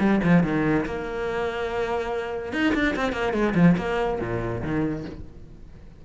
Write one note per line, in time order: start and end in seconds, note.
0.00 0.21 G3
0.24 0.44 F3
0.44 0.86 D#3
0.86 2.53 A#3
2.53 2.74 D#4
2.75 2.96 D4
2.96 3.13 C4
3.13 3.34 A#3
3.34 3.55 G#3
3.55 3.76 F3
3.78 4.20 A#3
4.21 4.63 A#2
4.63 5.05 D#3